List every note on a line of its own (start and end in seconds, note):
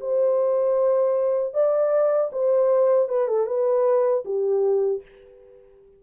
0.00 1.53 C5
1.53 2.30 D5
2.32 3.08 C5
3.08 3.28 B4
3.28 3.47 A4
3.47 4.23 B4
4.25 5.02 G4